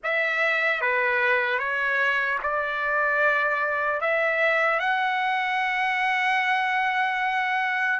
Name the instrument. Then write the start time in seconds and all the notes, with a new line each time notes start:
trumpet
0.03 E5
0.81 B4
1.58 C#5
2.42 D5
4.00 E5
4.79 F#5